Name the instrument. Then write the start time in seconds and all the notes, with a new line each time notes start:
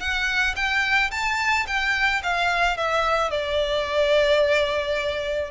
violin
0.00 F#5
0.56 G5
1.11 A5
1.67 G5
2.23 F5
2.77 E5
3.31 D5